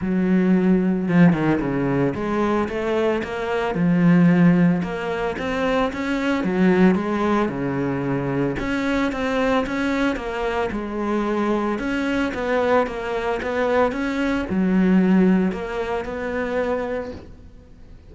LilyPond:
\new Staff \with { instrumentName = "cello" } { \time 4/4 \tempo 4 = 112 fis2 f8 dis8 cis4 | gis4 a4 ais4 f4~ | f4 ais4 c'4 cis'4 | fis4 gis4 cis2 |
cis'4 c'4 cis'4 ais4 | gis2 cis'4 b4 | ais4 b4 cis'4 fis4~ | fis4 ais4 b2 | }